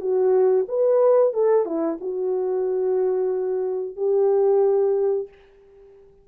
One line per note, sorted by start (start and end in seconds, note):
0.00 0.66 F#4
0.68 1.33 B4
1.33 1.65 A4
1.65 1.98 E4
2.01 3.96 F#4
3.96 5.28 G4